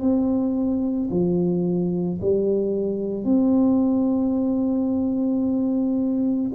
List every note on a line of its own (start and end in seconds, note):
0.00 1.09 C4
1.11 2.20 F3
2.21 3.24 G3
3.24 6.52 C4